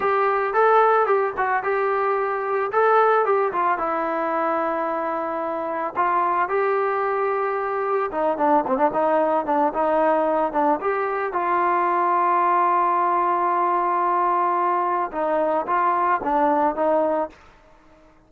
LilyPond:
\new Staff \with { instrumentName = "trombone" } { \time 4/4 \tempo 4 = 111 g'4 a'4 g'8 fis'8 g'4~ | g'4 a'4 g'8 f'8 e'4~ | e'2. f'4 | g'2. dis'8 d'8 |
c'16 d'16 dis'4 d'8 dis'4. d'8 | g'4 f'2.~ | f'1 | dis'4 f'4 d'4 dis'4 | }